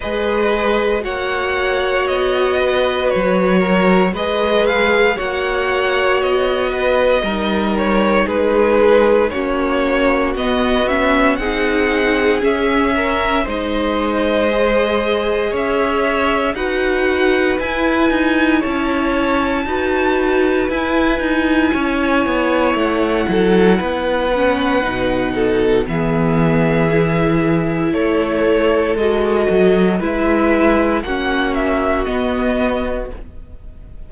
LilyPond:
<<
  \new Staff \with { instrumentName = "violin" } { \time 4/4 \tempo 4 = 58 dis''4 fis''4 dis''4 cis''4 | dis''8 f''8 fis''4 dis''4. cis''8 | b'4 cis''4 dis''8 e''8 fis''4 | e''4 dis''2 e''4 |
fis''4 gis''4 a''2 | gis''2 fis''2~ | fis''4 e''2 cis''4 | dis''4 e''4 fis''8 e''8 dis''4 | }
  \new Staff \with { instrumentName = "violin" } { \time 4/4 b'4 cis''4. b'4 ais'8 | b'4 cis''4. b'8 ais'4 | gis'4 fis'2 gis'4~ | gis'8 ais'8 c''2 cis''4 |
b'2 cis''4 b'4~ | b'4 cis''4. a'8 b'4~ | b'8 a'8 gis'2 a'4~ | a'4 b'4 fis'2 | }
  \new Staff \with { instrumentName = "viola" } { \time 4/4 gis'4 fis'2. | gis'4 fis'2 dis'4~ | dis'4 cis'4 b8 cis'8 dis'4 | cis'4 dis'4 gis'2 |
fis'4 e'2 fis'4 | e'2.~ e'8 cis'8 | dis'4 b4 e'2 | fis'4 e'4 cis'4 b4 | }
  \new Staff \with { instrumentName = "cello" } { \time 4/4 gis4 ais4 b4 fis4 | gis4 ais4 b4 g4 | gis4 ais4 b4 c'4 | cis'4 gis2 cis'4 |
dis'4 e'8 dis'8 cis'4 dis'4 | e'8 dis'8 cis'8 b8 a8 fis8 b4 | b,4 e2 a4 | gis8 fis8 gis4 ais4 b4 | }
>>